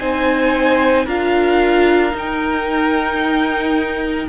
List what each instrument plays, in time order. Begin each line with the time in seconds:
0.00 cello C4, viola D#4, violin C5 G#5
1.06 cello D4, viola F4, violin A#4 F5
2.12 viola D#4, cello D#4
2.18 violin G5